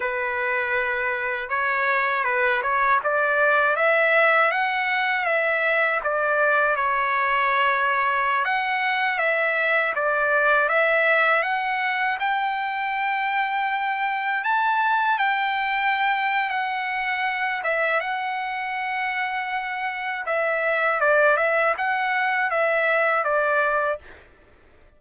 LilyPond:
\new Staff \with { instrumentName = "trumpet" } { \time 4/4 \tempo 4 = 80 b'2 cis''4 b'8 cis''8 | d''4 e''4 fis''4 e''4 | d''4 cis''2~ cis''16 fis''8.~ | fis''16 e''4 d''4 e''4 fis''8.~ |
fis''16 g''2. a''8.~ | a''16 g''4.~ g''16 fis''4. e''8 | fis''2. e''4 | d''8 e''8 fis''4 e''4 d''4 | }